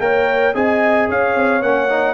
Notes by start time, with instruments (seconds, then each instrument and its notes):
0.00 tuba A#3, trombone A#4, horn C#5, trumpet G5
0.54 tuba C4, trombone G#4, horn D#5, trumpet G#5
1.09 tuba C#4, horn C#5, trumpet F5
1.36 tuba C4
1.62 tuba A#3, trombone C#4, trumpet F#5
1.89 trombone D#4